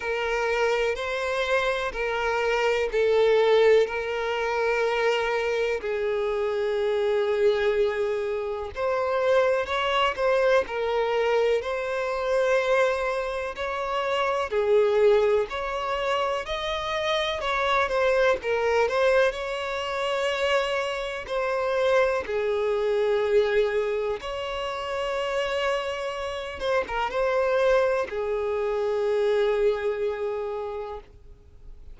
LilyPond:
\new Staff \with { instrumentName = "violin" } { \time 4/4 \tempo 4 = 62 ais'4 c''4 ais'4 a'4 | ais'2 gis'2~ | gis'4 c''4 cis''8 c''8 ais'4 | c''2 cis''4 gis'4 |
cis''4 dis''4 cis''8 c''8 ais'8 c''8 | cis''2 c''4 gis'4~ | gis'4 cis''2~ cis''8 c''16 ais'16 | c''4 gis'2. | }